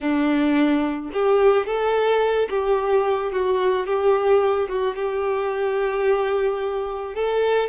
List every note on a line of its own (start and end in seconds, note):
0.00 1.10 D4
1.12 1.66 G4
1.66 2.48 A4
2.49 3.32 G4
3.32 3.86 F#4
3.86 4.68 G4
4.68 4.95 F#4
4.95 7.14 G4
7.14 7.69 A4